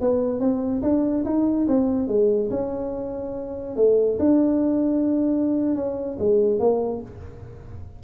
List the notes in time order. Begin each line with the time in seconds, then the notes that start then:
0.00 B3
0.39 C4
0.82 D4
1.25 D#4
1.67 C4
2.08 G#3
2.50 C#4
3.76 A3
4.19 D4
5.75 C#4
6.18 G#3
6.59 A#3